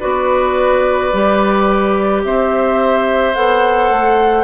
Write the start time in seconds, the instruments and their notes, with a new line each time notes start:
0.00 bassoon B3, clarinet F#4, oboe B4, flute D5
1.13 bassoon G3, clarinet G4
2.24 bassoon C4, oboe C5, flute E5
3.35 bassoon B3, clarinet A4, flute F#5
3.90 bassoon A3